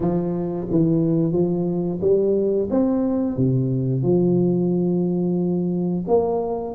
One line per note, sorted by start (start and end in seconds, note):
0.00 0.67 F3
0.70 1.32 E3
1.32 1.99 F3
2.01 2.68 G3
2.70 3.36 C4
3.36 4.02 C3
4.02 6.05 F3
6.07 6.74 A#3